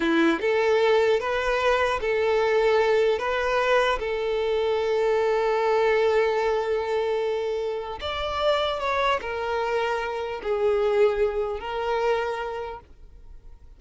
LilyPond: \new Staff \with { instrumentName = "violin" } { \time 4/4 \tempo 4 = 150 e'4 a'2 b'4~ | b'4 a'2. | b'2 a'2~ | a'1~ |
a'1 | d''2 cis''4 ais'4~ | ais'2 gis'2~ | gis'4 ais'2. | }